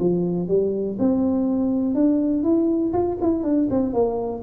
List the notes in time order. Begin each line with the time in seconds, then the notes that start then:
0.00 F3
0.48 G3
0.99 C4
1.95 D4
2.44 E4
2.93 F4
3.21 E4
3.44 D4
3.71 C4
3.94 A#3